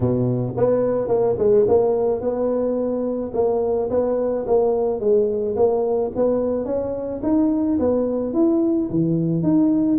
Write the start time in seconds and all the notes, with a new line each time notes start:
0.00 B2
0.57 B3
1.07 A#3
1.38 G#3
1.67 A#3
2.20 B3
3.33 A#3
3.90 B3
4.46 A#3
4.99 G#3
5.56 A#3
6.15 B3
6.65 C#4
7.22 D#4
7.79 B3
8.33 E4
8.90 E3
9.43 D#4